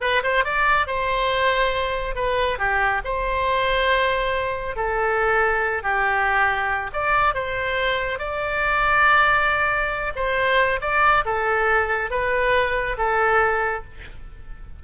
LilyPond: \new Staff \with { instrumentName = "oboe" } { \time 4/4 \tempo 4 = 139 b'8 c''8 d''4 c''2~ | c''4 b'4 g'4 c''4~ | c''2. a'4~ | a'4. g'2~ g'8 |
d''4 c''2 d''4~ | d''2.~ d''8 c''8~ | c''4 d''4 a'2 | b'2 a'2 | }